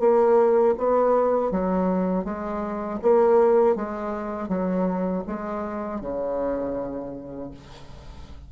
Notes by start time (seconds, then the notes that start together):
0.00 A#3
0.78 B3
1.52 F#3
2.25 G#3
3.02 A#3
3.76 G#3
4.49 F#3
5.27 G#3
6.01 C#3